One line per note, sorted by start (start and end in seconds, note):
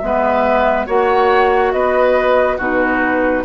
0.00 0.87 G#3
0.00 0.87 B3
0.00 0.86 B4
0.00 0.86 E5
0.86 1.73 A#3
0.86 2.58 F#4
0.86 1.72 C#5
0.86 1.72 F#5
1.72 2.58 B3
1.72 2.57 B4
1.72 2.58 D#5
2.57 3.44 B2
2.57 3.44 D#4
2.57 3.43 F#4
2.57 3.44 B4